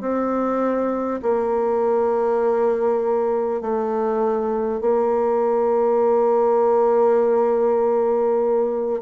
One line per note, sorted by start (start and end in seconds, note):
0.00 1.20 C4
1.22 3.61 A#3
3.61 4.81 A3
4.81 9.01 A#3